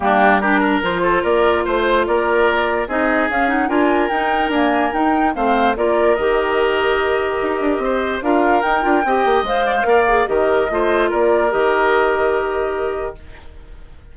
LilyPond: <<
  \new Staff \with { instrumentName = "flute" } { \time 4/4 \tempo 4 = 146 g'4 ais'4 c''4 d''4 | c''4 d''2 dis''4 | f''8 fis''8 gis''4 g''4 gis''4 | g''4 f''4 d''4 dis''4~ |
dis''1 | f''4 g''2 f''4~ | f''4 dis''2 d''4 | dis''1 | }
  \new Staff \with { instrumentName = "oboe" } { \time 4/4 d'4 g'8 ais'4 a'8 ais'4 | c''4 ais'2 gis'4~ | gis'4 ais'2.~ | ais'4 c''4 ais'2~ |
ais'2. c''4 | ais'2 dis''4. d''16 c''16 | d''4 ais'4 c''4 ais'4~ | ais'1 | }
  \new Staff \with { instrumentName = "clarinet" } { \time 4/4 ais4 d'4 f'2~ | f'2. dis'4 | cis'8 dis'8 f'4 dis'4 ais4 | dis'4 c'4 f'4 g'4~ |
g'1 | f'4 dis'8 f'8 g'4 c''4 | ais'8 gis'8 g'4 f'2 | g'1 | }
  \new Staff \with { instrumentName = "bassoon" } { \time 4/4 g2 f4 ais4 | a4 ais2 c'4 | cis'4 d'4 dis'4 d'4 | dis'4 a4 ais4 dis4~ |
dis2 dis'8 d'8 c'4 | d'4 dis'8 d'8 c'8 ais8 gis4 | ais4 dis4 a4 ais4 | dis1 | }
>>